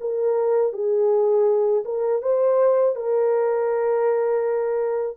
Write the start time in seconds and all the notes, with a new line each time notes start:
0.00 A#4
0.72 G#4
1.85 A#4
2.22 C5
2.95 A#4